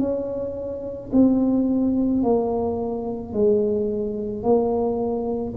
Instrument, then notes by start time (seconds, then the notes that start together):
tuba
0.00 C#4
1.13 C4
2.23 A#3
3.33 G#3
4.43 A#3